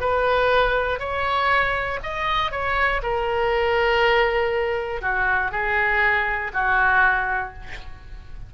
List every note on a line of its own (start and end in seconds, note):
0.00 0.99 B4
0.99 1.99 C#5
2.02 2.51 D#5
2.51 3.01 C#5
3.02 5.01 A#4
5.01 5.51 F#4
5.51 6.51 G#4
6.53 7.53 F#4